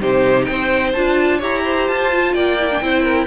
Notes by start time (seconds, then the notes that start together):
0.00 C3 D#4 G4 C5
0.44 C4 C5 G5
0.92 D4 F4 A5
1.38 E4 G4 C#5 A#5
1.64 C5
1.88 F4 A5
2.12 F4
2.33 A#3 D5 G5
2.60 E4
2.71 D4
2.81 C4 E4 C5
3.02 A#4